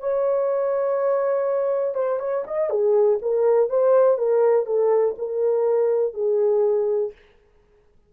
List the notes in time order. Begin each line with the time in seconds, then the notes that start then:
0.00 C#5
1.95 C5
2.20 C#5
2.47 D#5
2.70 G#4
3.22 A#4
3.70 C5
4.18 A#4
4.66 A4
5.19 A#4
6.14 G#4